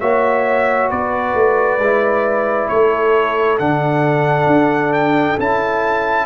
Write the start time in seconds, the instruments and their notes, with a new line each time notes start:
0.00 tuba A#3, trombone F#4, horn C#5, trumpet E5
0.91 tuba B3, horn B4, trumpet D5
1.34 tuba A3
1.78 tuba G#3, trombone E4
2.68 tuba A3, horn A4, trumpet C#5
3.59 tuba D3, trombone D4, trumpet F#5
4.47 tuba D4
4.93 trumpet G5
5.39 tuba C#4, trombone E4, trumpet A5